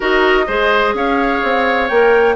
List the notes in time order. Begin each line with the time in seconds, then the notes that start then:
0.00 D#4 F#4 A#4 D#5
0.47 G#3 G#4 C5
0.94 C#4 C#5 F5
1.43 C4
1.88 A#3 A#4 G5